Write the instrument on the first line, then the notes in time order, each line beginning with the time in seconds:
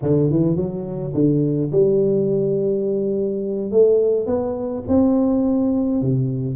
tuba
0.02 D3
0.30 E3
0.56 F#3
1.14 D3
1.72 G3
3.71 A3
4.26 B3
4.88 C4
6.01 C3